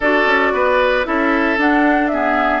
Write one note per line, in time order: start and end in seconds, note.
0.00 0.25 D4
0.00 1.04 F#4
0.00 0.53 A4
0.00 1.05 D5
0.25 0.52 C#4
0.52 1.05 B3
0.52 1.06 B4
1.04 1.57 C#4
1.04 1.57 E4
1.04 2.12 A4
1.04 1.58 E5
1.57 2.60 D4
1.57 2.11 D4
1.57 2.07 F#5
2.07 2.60 B3
2.07 2.60 G#4
2.07 2.60 E5